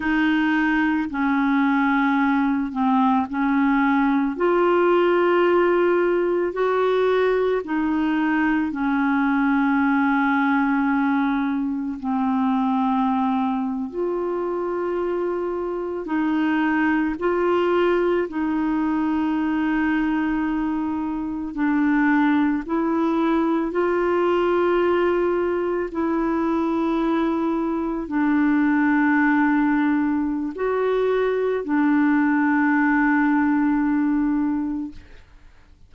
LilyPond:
\new Staff \with { instrumentName = "clarinet" } { \time 4/4 \tempo 4 = 55 dis'4 cis'4. c'8 cis'4 | f'2 fis'4 dis'4 | cis'2. c'4~ | c'8. f'2 dis'4 f'16~ |
f'8. dis'2. d'16~ | d'8. e'4 f'2 e'16~ | e'4.~ e'16 d'2~ d'16 | fis'4 d'2. | }